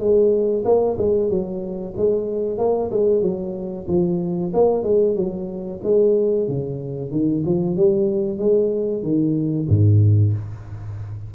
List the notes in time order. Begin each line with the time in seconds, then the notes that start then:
0.00 G#3
0.65 A#3
0.99 G#3
1.30 F#3
1.97 G#3
2.59 A#3
2.91 G#3
3.22 F#3
3.88 F3
4.54 A#3
4.84 G#3
5.16 F#3
5.84 G#3
6.48 C#3
7.12 D#3
7.46 F3
7.77 G3
8.39 G#3
9.03 D#3
9.69 G#2